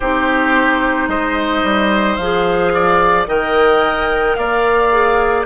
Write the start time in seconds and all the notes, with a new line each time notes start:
0.00 C4 D#4 G4 C5
1.08 G#3 C5 D#5
1.63 G3
2.16 F3 G#4 F5
2.74 D5
3.26 D#3 A#4 D#5 G5
4.35 A#3 D5 F5
4.91 G#4